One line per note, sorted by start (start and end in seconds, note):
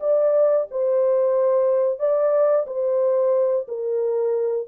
0.00 0.67 D5
0.71 1.99 C5
1.99 2.66 D5
2.67 3.67 C5
3.68 4.67 A#4